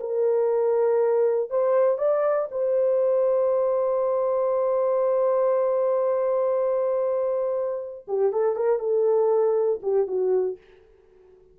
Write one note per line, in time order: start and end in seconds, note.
0.00 1.50 A#4
1.50 1.98 C5
1.98 2.48 D5
2.51 8.06 C5
8.08 8.32 G4
8.32 8.56 A4
8.56 8.79 A#4
8.79 9.80 A4
9.83 10.07 G4
10.07 10.58 F#4